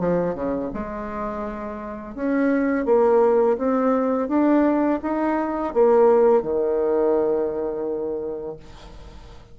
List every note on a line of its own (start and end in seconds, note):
0.00 0.35 F3
0.35 0.71 C#3
0.74 2.16 G#3
2.16 2.86 C#4
2.86 3.57 A#3
3.58 4.29 C4
4.29 5.00 D4
5.03 5.74 D#4
5.74 6.43 A#3
6.43 8.57 D#3